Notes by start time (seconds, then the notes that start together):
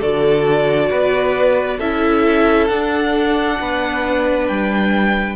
0.00 D3 F#4 A4 D5
0.90 B3 B4
1.78 C#4 E4 A4 E5
2.68 D4 F#5
3.60 B3 B4
4.48 G3 G5